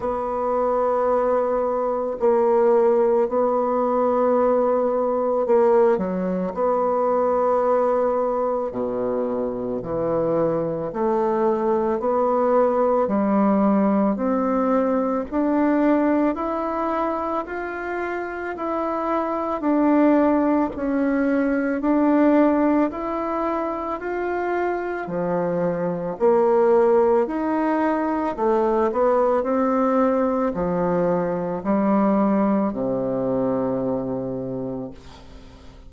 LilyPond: \new Staff \with { instrumentName = "bassoon" } { \time 4/4 \tempo 4 = 55 b2 ais4 b4~ | b4 ais8 fis8 b2 | b,4 e4 a4 b4 | g4 c'4 d'4 e'4 |
f'4 e'4 d'4 cis'4 | d'4 e'4 f'4 f4 | ais4 dis'4 a8 b8 c'4 | f4 g4 c2 | }